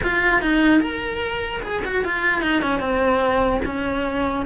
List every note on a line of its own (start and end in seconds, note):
0.03 0.41 F4
0.41 0.80 D#4
0.80 1.61 A#4
1.62 1.82 G#4
1.85 2.04 F#4
2.04 2.41 F4
2.41 2.62 D#4
2.62 2.80 C#4
2.80 3.60 C4
3.65 4.45 C#4